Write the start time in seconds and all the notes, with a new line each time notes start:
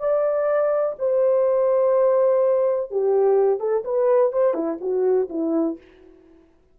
0.00 D5
0.99 C5
2.91 G4
3.60 A4
3.85 B4
4.32 C5
4.54 E4
4.81 F#4
5.30 E4